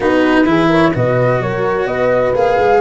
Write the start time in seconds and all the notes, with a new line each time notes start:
0.00 B3 D#4 F#4 B4
0.45 E3 E4 G#4
0.68 A#4 C#5
0.93 B2 F#4 B4 D#5
1.40 F#3 A#4 C#5
1.86 B3 B4 D#5
2.34 A#3 G#4 F5
2.58 G#3